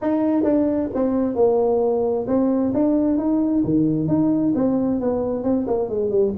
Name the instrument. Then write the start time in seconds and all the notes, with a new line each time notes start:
tuba
0.01 D#4
0.43 D4
0.94 C4
1.35 A#3
2.27 C4
2.74 D4
3.17 D#4
3.64 D#3
4.08 D#4
4.55 C4
5.00 B3
5.43 C4
5.67 A#3
5.89 G#3
6.10 G3